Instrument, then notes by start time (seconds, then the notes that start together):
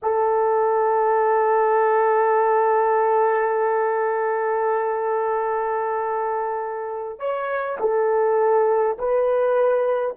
horn
0.02 A4
7.19 C#5
7.79 A4
8.98 B4